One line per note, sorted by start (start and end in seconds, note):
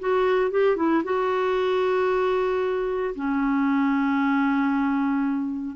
0.00 0.51 F#4
0.51 0.77 G4
0.77 1.03 E4
1.04 3.15 F#4
3.15 5.76 C#4